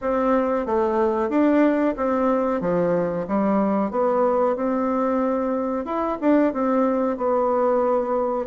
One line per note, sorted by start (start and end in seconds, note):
0.01 0.66 C4
0.66 1.29 A3
1.29 1.94 D4
1.96 2.61 C4
2.61 3.26 F3
3.27 3.90 G3
3.90 4.55 B3
4.56 5.85 C4
5.85 6.17 E4
6.20 6.53 D4
6.53 7.17 C4
7.17 8.46 B3